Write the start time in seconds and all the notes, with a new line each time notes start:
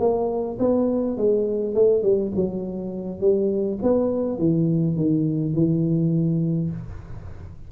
0.00 A#3
0.59 B3
1.18 G#3
1.74 A3
2.03 G3
2.36 F#3
3.21 G3
3.82 B3
4.39 E3
4.96 D#3
5.54 E3